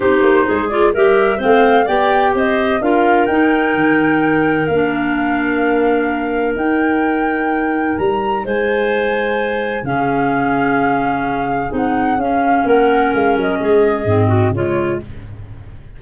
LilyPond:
<<
  \new Staff \with { instrumentName = "flute" } { \time 4/4 \tempo 4 = 128 c''4. d''8 e''4 f''4 | g''4 dis''4 f''4 g''4~ | g''2 f''2~ | f''2 g''2~ |
g''4 ais''4 gis''2~ | gis''4 f''2.~ | f''4 fis''4 f''4 fis''4 | f''8 dis''2~ dis''8 cis''4 | }
  \new Staff \with { instrumentName = "clarinet" } { \time 4/4 g'4 gis'4 ais'4 c''4 | d''4 c''4 ais'2~ | ais'1~ | ais'1~ |
ais'2 c''2~ | c''4 gis'2.~ | gis'2. ais'4~ | ais'4 gis'4. fis'8 f'4 | }
  \new Staff \with { instrumentName = "clarinet" } { \time 4/4 dis'4. f'8 g'4 c'4 | g'2 f'4 dis'4~ | dis'2 d'2~ | d'2 dis'2~ |
dis'1~ | dis'4 cis'2.~ | cis'4 dis'4 cis'2~ | cis'2 c'4 gis4 | }
  \new Staff \with { instrumentName = "tuba" } { \time 4/4 c'8 ais8 gis4 g4 a4 | b4 c'4 d'4 dis'4 | dis2 ais2~ | ais2 dis'2~ |
dis'4 g4 gis2~ | gis4 cis2.~ | cis4 c'4 cis'4 ais4 | gis8 fis8 gis4 gis,4 cis4 | }
>>